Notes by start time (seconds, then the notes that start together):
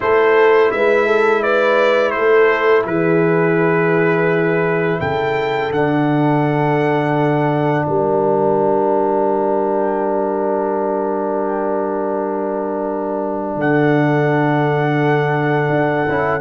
0.00 A3 E4 A4 C5
0.71 G#3 B4 E5
1.06 A4
1.42 B4 D5
2.10 A3 A4 C5
2.85 E3 G#4 B4
5.00 C#3 A4 G5
5.71 D3 D4 F#5
7.86 G3 A#4 G5
13.55 D3 A4 F#5
15.69 D4
16.08 C#4 E4